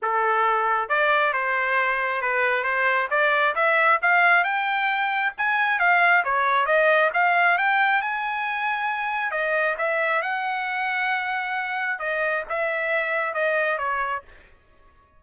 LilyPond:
\new Staff \with { instrumentName = "trumpet" } { \time 4/4 \tempo 4 = 135 a'2 d''4 c''4~ | c''4 b'4 c''4 d''4 | e''4 f''4 g''2 | gis''4 f''4 cis''4 dis''4 |
f''4 g''4 gis''2~ | gis''4 dis''4 e''4 fis''4~ | fis''2. dis''4 | e''2 dis''4 cis''4 | }